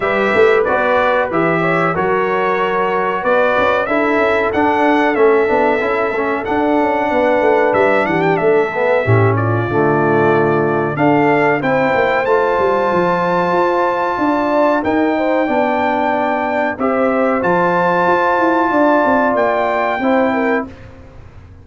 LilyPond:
<<
  \new Staff \with { instrumentName = "trumpet" } { \time 4/4 \tempo 4 = 93 e''4 d''4 e''4 cis''4~ | cis''4 d''4 e''4 fis''4 | e''2 fis''2 | e''8 fis''16 g''16 e''4. d''4.~ |
d''4 f''4 g''4 a''4~ | a''2. g''4~ | g''2 e''4 a''4~ | a''2 g''2 | }
  \new Staff \with { instrumentName = "horn" } { \time 4/4 b'2~ b'8 cis''8 ais'4~ | ais'4 b'4 a'2~ | a'2. b'4~ | b'8 g'8 a'4 g'8 f'4.~ |
f'4 a'4 c''2~ | c''2 d''4 ais'8 c''8 | d''2 c''2~ | c''4 d''2 c''8 ais'8 | }
  \new Staff \with { instrumentName = "trombone" } { \time 4/4 g'4 fis'4 g'4 fis'4~ | fis'2 e'4 d'4 | cis'8 d'8 e'8 cis'8 d'2~ | d'4. b8 cis'4 a4~ |
a4 d'4 e'4 f'4~ | f'2. dis'4 | d'2 g'4 f'4~ | f'2. e'4 | }
  \new Staff \with { instrumentName = "tuba" } { \time 4/4 g8 a8 b4 e4 fis4~ | fis4 b8 cis'8 d'8 cis'8 d'4 | a8 b8 cis'8 a8 d'8 cis'8 b8 a8 | g8 e8 a4 a,4 d4~ |
d4 d'4 c'8 ais8 a8 g8 | f4 f'4 d'4 dis'4 | b2 c'4 f4 | f'8 e'8 d'8 c'8 ais4 c'4 | }
>>